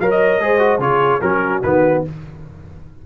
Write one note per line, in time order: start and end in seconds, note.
0.00 0.40 F#3
0.00 0.41 A#4
0.00 0.42 C#5
0.00 0.10 F5
0.11 0.81 D#5
0.40 0.79 G#3
0.40 0.59 G#4
0.40 0.83 C5
0.59 0.79 F#4
0.79 1.20 C#3
0.79 1.21 F4
0.79 1.24 G#4
0.79 1.22 C#5
1.22 1.63 F#3
1.22 1.64 C#4
1.22 2.06 F#4
1.22 1.63 A#4
1.64 2.05 D#3
1.64 2.06 B3
1.64 2.04 B4